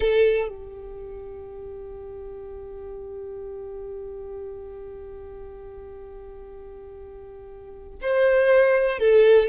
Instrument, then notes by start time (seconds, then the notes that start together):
violin
0.00 A4
0.48 G4
8.01 C5
8.98 A4